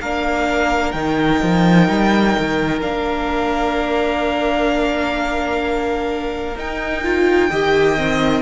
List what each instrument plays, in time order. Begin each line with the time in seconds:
0.00 cello A#3, viola D4, violin A#4 F5
0.92 cello D#3, viola D#4, violin G5
1.43 cello F3
1.88 cello G3
2.38 cello D#3
2.81 cello A#3, viola D4, violin F5
6.56 cello D#4, viola D#4, violin G5
7.04 viola F4
7.50 cello D#3, viola G4, violin D#5
7.97 viola C4